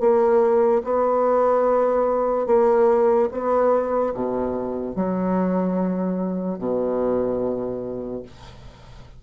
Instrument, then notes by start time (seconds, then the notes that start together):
bassoon
0.00 A#3
0.84 B3
2.47 A#3
3.32 B3
4.14 B2
4.96 F#3
6.58 B2